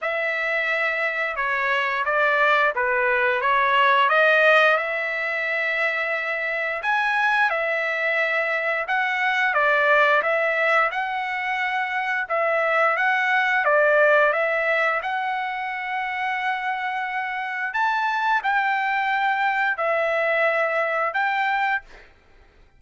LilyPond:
\new Staff \with { instrumentName = "trumpet" } { \time 4/4 \tempo 4 = 88 e''2 cis''4 d''4 | b'4 cis''4 dis''4 e''4~ | e''2 gis''4 e''4~ | e''4 fis''4 d''4 e''4 |
fis''2 e''4 fis''4 | d''4 e''4 fis''2~ | fis''2 a''4 g''4~ | g''4 e''2 g''4 | }